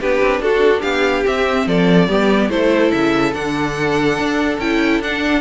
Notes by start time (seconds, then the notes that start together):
0.00 B3 D4 G4 B4
0.21 C4
0.40 D4 F#4 A4
0.81 B3 G4 F5
1.25 C4 E5
1.66 F3 A4 D5
2.08 G3 B3 G4
2.50 A3 E4 A4 C5
2.92 C#3 E5
3.33 D3 D4 F#5
4.18 D4
4.58 C#4 E4 G5
5.00 D4 F#5